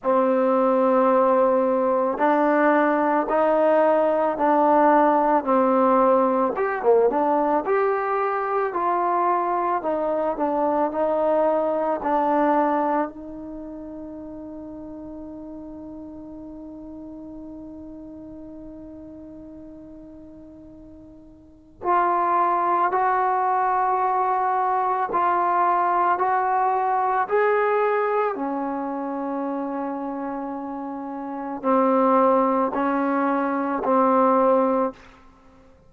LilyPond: \new Staff \with { instrumentName = "trombone" } { \time 4/4 \tempo 4 = 55 c'2 d'4 dis'4 | d'4 c'4 g'16 ais16 d'8 g'4 | f'4 dis'8 d'8 dis'4 d'4 | dis'1~ |
dis'1 | f'4 fis'2 f'4 | fis'4 gis'4 cis'2~ | cis'4 c'4 cis'4 c'4 | }